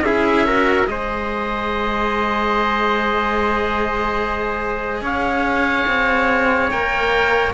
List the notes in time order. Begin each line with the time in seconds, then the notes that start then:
0.00 C#4 E4 G#4 E5
0.46 F#4 A#4
0.86 G#3 G#4 C5 D#5
5.01 C#4 C#5 F5
5.87 C4
6.70 A#3 A#4 G5